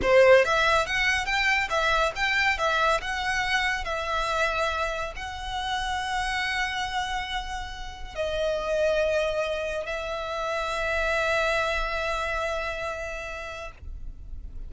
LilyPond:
\new Staff \with { instrumentName = "violin" } { \time 4/4 \tempo 4 = 140 c''4 e''4 fis''4 g''4 | e''4 g''4 e''4 fis''4~ | fis''4 e''2. | fis''1~ |
fis''2. dis''4~ | dis''2. e''4~ | e''1~ | e''1 | }